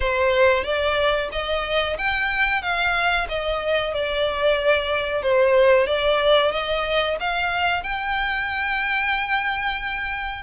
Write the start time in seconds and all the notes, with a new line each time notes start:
0.00 C5
0.64 D5
1.32 D#5
1.97 G5
2.62 F5
3.28 D#5
3.94 D5
5.22 C5
5.86 D5
6.51 D#5
7.19 F5
7.83 G5